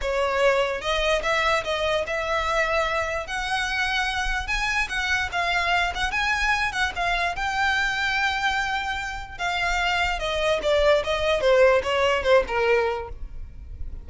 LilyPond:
\new Staff \with { instrumentName = "violin" } { \time 4/4 \tempo 4 = 147 cis''2 dis''4 e''4 | dis''4 e''2. | fis''2. gis''4 | fis''4 f''4. fis''8 gis''4~ |
gis''8 fis''8 f''4 g''2~ | g''2. f''4~ | f''4 dis''4 d''4 dis''4 | c''4 cis''4 c''8 ais'4. | }